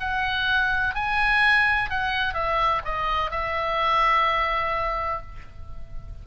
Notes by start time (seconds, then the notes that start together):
0.00 F#5
0.95 G#5
1.90 F#5
2.34 E5
2.85 D#5
3.31 E5